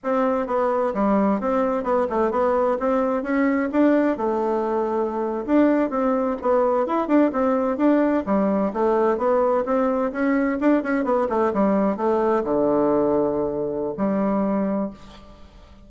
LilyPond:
\new Staff \with { instrumentName = "bassoon" } { \time 4/4 \tempo 4 = 129 c'4 b4 g4 c'4 | b8 a8 b4 c'4 cis'4 | d'4 a2~ a8. d'16~ | d'8. c'4 b4 e'8 d'8 c'16~ |
c'8. d'4 g4 a4 b16~ | b8. c'4 cis'4 d'8 cis'8 b16~ | b16 a8 g4 a4 d4~ d16~ | d2 g2 | }